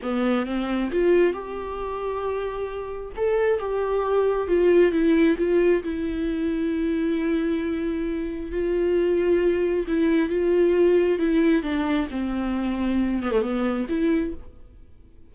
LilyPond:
\new Staff \with { instrumentName = "viola" } { \time 4/4 \tempo 4 = 134 b4 c'4 f'4 g'4~ | g'2. a'4 | g'2 f'4 e'4 | f'4 e'2.~ |
e'2. f'4~ | f'2 e'4 f'4~ | f'4 e'4 d'4 c'4~ | c'4. b16 a16 b4 e'4 | }